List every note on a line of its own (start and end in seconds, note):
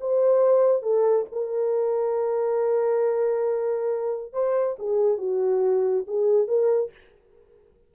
0.00 0.82 C5
0.82 1.25 A4
1.32 4.32 A#4
4.32 4.76 C5
4.78 5.17 G#4
5.17 6.04 F#4
6.07 6.47 G#4
6.47 6.91 A#4